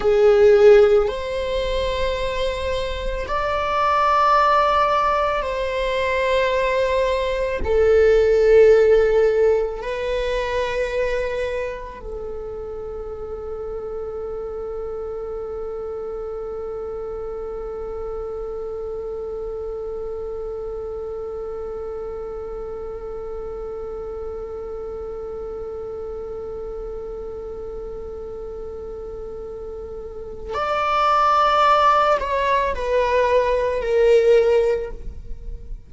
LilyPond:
\new Staff \with { instrumentName = "viola" } { \time 4/4 \tempo 4 = 55 gis'4 c''2 d''4~ | d''4 c''2 a'4~ | a'4 b'2 a'4~ | a'1~ |
a'1~ | a'1~ | a'1 | d''4. cis''8 b'4 ais'4 | }